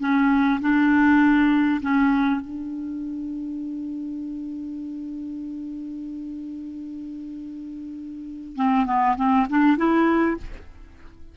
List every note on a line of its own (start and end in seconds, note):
0.00 0.60 C#4
0.61 1.81 D4
1.82 2.41 C#4
2.41 8.56 D4
8.56 8.86 C4
8.86 9.16 B3
9.17 9.47 C4
9.49 9.77 D4
9.77 10.37 E4